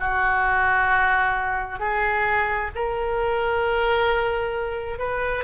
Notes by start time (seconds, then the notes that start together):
0.00 F#4
1.80 G#4
2.76 A#4
4.99 B4